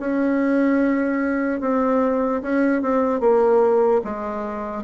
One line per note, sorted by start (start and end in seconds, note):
0.00 1.61 C#4
1.61 2.42 C4
2.43 2.82 C#4
2.82 3.20 C4
3.20 4.01 A#3
4.04 4.84 G#3